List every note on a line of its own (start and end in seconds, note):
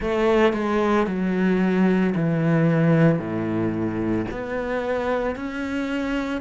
0.00 0.53 A3
0.53 1.07 G#3
1.07 2.14 F#3
2.15 3.19 E3
3.19 4.26 A2
4.31 5.35 B3
5.35 6.40 C#4